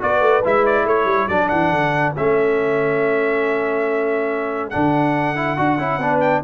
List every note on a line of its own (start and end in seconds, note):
0.00 0.21 B3
0.00 0.43 F#4
0.00 0.85 B4
0.00 0.45 D5
0.21 0.42 A3
0.44 0.85 G#3
0.44 1.30 E4
0.44 0.66 E5
0.66 0.87 D5
0.85 1.05 A3
0.85 5.99 A4
0.85 1.28 C#5
1.05 1.26 G3
1.28 1.50 F#3
1.28 2.16 D4
1.28 1.49 D5
1.49 1.72 E3
1.49 2.13 F#5
1.72 2.15 D3
2.17 4.75 A3
2.17 4.72 C#4
2.17 4.70 E5
4.70 5.58 D3
4.70 5.36 D4
4.70 6.20 F#5
5.36 5.57 E4
5.57 5.78 D4
5.57 5.79 F#4
5.78 5.98 C#4
5.78 6.01 E4
5.98 6.41 B3
5.98 6.44 D4
5.98 6.42 B4
6.20 6.42 G5